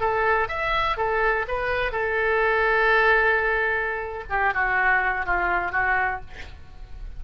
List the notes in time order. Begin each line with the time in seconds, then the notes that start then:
0.00 A4
0.48 E5
0.97 A4
1.48 B4
1.92 A4
4.29 G4
4.54 F#4
5.26 F4
5.72 F#4